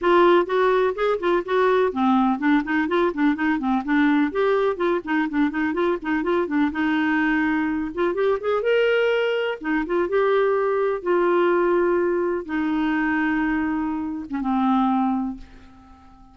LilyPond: \new Staff \with { instrumentName = "clarinet" } { \time 4/4 \tempo 4 = 125 f'4 fis'4 gis'8 f'8 fis'4 | c'4 d'8 dis'8 f'8 d'8 dis'8 c'8 | d'4 g'4 f'8 dis'8 d'8 dis'8 | f'8 dis'8 f'8 d'8 dis'2~ |
dis'8 f'8 g'8 gis'8 ais'2 | dis'8 f'8 g'2 f'4~ | f'2 dis'2~ | dis'4.~ dis'16 cis'16 c'2 | }